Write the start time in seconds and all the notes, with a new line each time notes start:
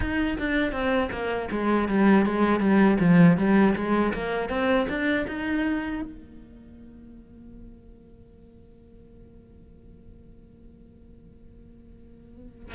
0.00 D#4
0.38 D4
0.71 C4
1.11 A#3
1.51 G#3
1.88 G3
2.25 G#3
2.60 G3
3.00 F3
3.37 G3
3.75 G#3
4.13 A#3
4.49 C4
4.88 D4
5.27 D#4
6.02 A#3